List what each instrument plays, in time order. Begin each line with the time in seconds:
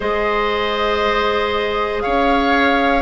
0.00 bassoon G#3, clarinet G#4, oboe C5, flute D#5
2.01 bassoon C#4, oboe C#5, flute F5